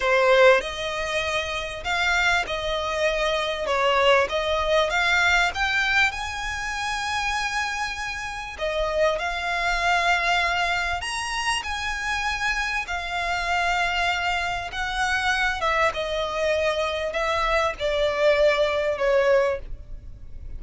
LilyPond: \new Staff \with { instrumentName = "violin" } { \time 4/4 \tempo 4 = 98 c''4 dis''2 f''4 | dis''2 cis''4 dis''4 | f''4 g''4 gis''2~ | gis''2 dis''4 f''4~ |
f''2 ais''4 gis''4~ | gis''4 f''2. | fis''4. e''8 dis''2 | e''4 d''2 cis''4 | }